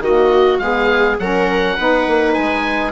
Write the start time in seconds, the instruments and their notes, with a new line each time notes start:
0.00 bassoon D#3, saxophone A#3, viola F#4, oboe D#5
0.58 bassoon G#3, saxophone B3, viola G#4, oboe F5
1.19 bassoon F#3, saxophone C#4, viola A#4, oboe F#5
1.76 bassoon B3, saxophone D#4, viola B4
2.07 bassoon A#3
2.33 bassoon G#3, oboe G#5